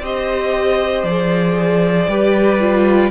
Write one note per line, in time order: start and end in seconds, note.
0.00 1.03 C4
0.00 1.06 G4
0.00 2.09 C5
0.00 1.04 D#5
1.03 2.06 F3
1.03 2.09 G#4
1.03 3.11 D5
2.07 3.11 G3
2.07 2.60 G4
2.07 3.11 B4
2.60 3.11 F4